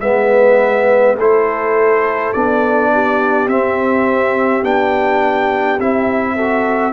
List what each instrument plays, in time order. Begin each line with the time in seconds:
0.00 tuba G#3, trombone B3, horn B4, trumpet E5
1.17 tuba A3, trombone E4, horn A4, trumpet C5
2.33 tuba B3, trombone D4, trumpet D5
2.93 horn G4
3.47 tuba C4, trombone C4, trumpet E5
4.63 tuba B3, trombone D4, trumpet G5
5.79 tuba C4, trombone E4, trumpet E5
6.35 trombone F#4, horn A4